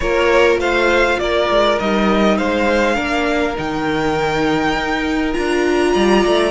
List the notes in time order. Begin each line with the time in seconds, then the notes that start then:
0.00 A#3 F4 A#4 C#5
0.56 A3 C5 F5
1.19 A#3 A#4 D5
1.49 G#3
1.79 G3 D#4 D#5
2.37 G#3 C5 F5
2.94 A#3 D4 A#4
3.55 D#3 D#4 G5
4.75 D#4
5.33 D4 F4 A#5
5.93 G3 D5
6.25 A3